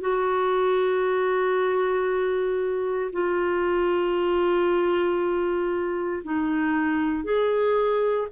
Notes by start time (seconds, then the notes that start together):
0.00 F#4
3.12 F4
6.24 D#4
7.24 G#4